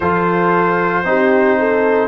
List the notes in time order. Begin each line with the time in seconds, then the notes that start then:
0.00 F3 F4 A4 C5
1.04 C4 D#4 G4
1.59 A4